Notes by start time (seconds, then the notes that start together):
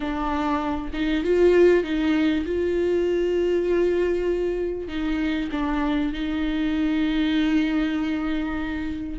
0.00 D4
0.93 D#4
1.24 F4
1.83 D#4
2.45 F4
4.88 D#4
5.51 D4
6.13 D#4